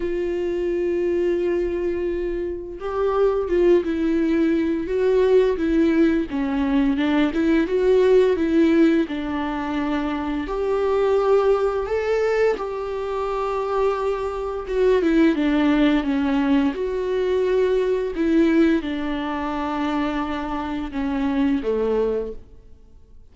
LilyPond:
\new Staff \with { instrumentName = "viola" } { \time 4/4 \tempo 4 = 86 f'1 | g'4 f'8 e'4. fis'4 | e'4 cis'4 d'8 e'8 fis'4 | e'4 d'2 g'4~ |
g'4 a'4 g'2~ | g'4 fis'8 e'8 d'4 cis'4 | fis'2 e'4 d'4~ | d'2 cis'4 a4 | }